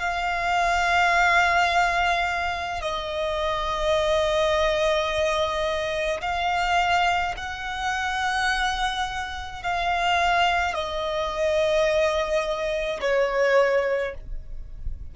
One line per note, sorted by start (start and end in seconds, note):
0.00 2.81 F5
2.81 6.21 D#5
6.21 7.34 F5
7.37 9.63 F#5
9.63 10.74 F5
10.74 13.00 D#5
13.01 14.14 C#5